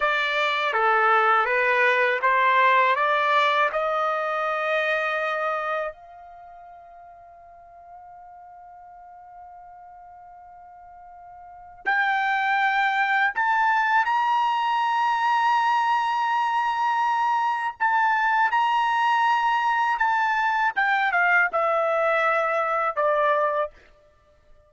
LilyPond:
\new Staff \with { instrumentName = "trumpet" } { \time 4/4 \tempo 4 = 81 d''4 a'4 b'4 c''4 | d''4 dis''2. | f''1~ | f''1 |
g''2 a''4 ais''4~ | ais''1 | a''4 ais''2 a''4 | g''8 f''8 e''2 d''4 | }